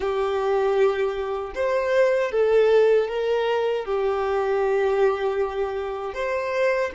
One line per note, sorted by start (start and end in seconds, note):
0.00 1.53 G4
1.55 2.31 C5
2.31 3.08 A4
3.08 3.85 A#4
3.85 6.14 G4
6.14 6.90 C5